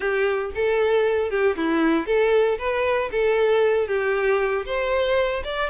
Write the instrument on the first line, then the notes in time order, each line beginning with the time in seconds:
violin
0.00 G4
0.54 A4
1.30 G4
1.56 E4
2.06 A4
2.58 B4
3.11 A4
3.87 G4
4.65 C5
5.44 D5